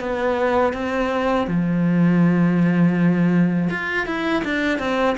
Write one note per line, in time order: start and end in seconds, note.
0.00 0.73 B3
0.73 1.47 C4
1.47 3.70 F3
3.70 4.07 F4
4.07 4.44 E4
4.44 4.79 D4
4.79 5.16 C4